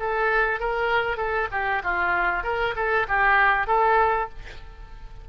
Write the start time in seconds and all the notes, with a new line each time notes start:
0.00 A4
0.60 A#4
1.17 A4
1.52 G4
1.84 F4
2.44 A#4
2.76 A4
3.08 G4
3.67 A4